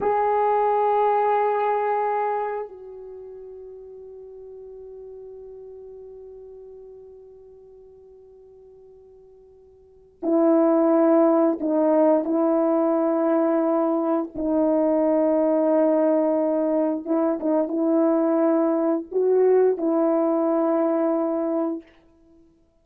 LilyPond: \new Staff \with { instrumentName = "horn" } { \time 4/4 \tempo 4 = 88 gis'1 | fis'1~ | fis'1~ | fis'2. e'4~ |
e'4 dis'4 e'2~ | e'4 dis'2.~ | dis'4 e'8 dis'8 e'2 | fis'4 e'2. | }